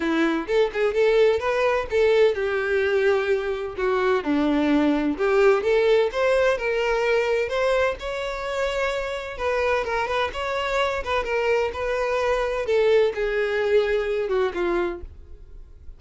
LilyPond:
\new Staff \with { instrumentName = "violin" } { \time 4/4 \tempo 4 = 128 e'4 a'8 gis'8 a'4 b'4 | a'4 g'2. | fis'4 d'2 g'4 | a'4 c''4 ais'2 |
c''4 cis''2. | b'4 ais'8 b'8 cis''4. b'8 | ais'4 b'2 a'4 | gis'2~ gis'8 fis'8 f'4 | }